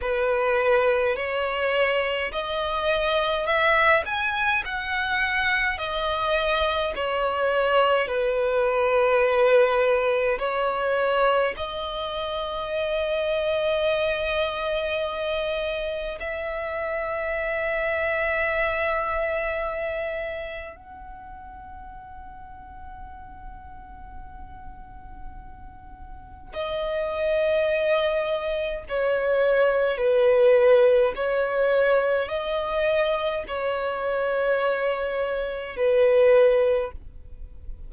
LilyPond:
\new Staff \with { instrumentName = "violin" } { \time 4/4 \tempo 4 = 52 b'4 cis''4 dis''4 e''8 gis''8 | fis''4 dis''4 cis''4 b'4~ | b'4 cis''4 dis''2~ | dis''2 e''2~ |
e''2 fis''2~ | fis''2. dis''4~ | dis''4 cis''4 b'4 cis''4 | dis''4 cis''2 b'4 | }